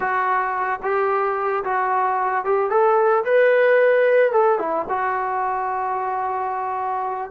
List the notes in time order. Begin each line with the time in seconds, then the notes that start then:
0.00 F#4
0.82 G4
1.64 F#4
2.44 G4
2.70 A4
3.24 B4
4.32 A4
4.58 E4
4.88 F#4